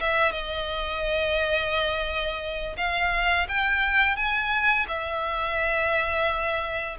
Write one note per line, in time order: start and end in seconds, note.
0.00 0.32 E5
0.32 2.76 D#5
2.77 3.47 F5
3.48 4.16 G5
4.16 4.86 G#5
4.88 6.97 E5